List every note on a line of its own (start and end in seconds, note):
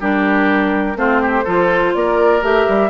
0.00 0.95 G3
0.00 0.95 D4
0.00 0.97 G4
0.00 0.97 A#4
0.95 1.44 A3
0.95 1.44 C4
0.95 1.21 F4
0.95 1.94 C5
1.21 1.44 G4
1.44 1.94 F3
1.44 2.41 F4
1.44 1.92 A4
1.94 2.42 A#3
1.94 2.90 A#4
1.94 2.43 D5
2.41 2.66 A3
2.41 2.89 G4
2.41 2.90 E5
2.68 2.90 G3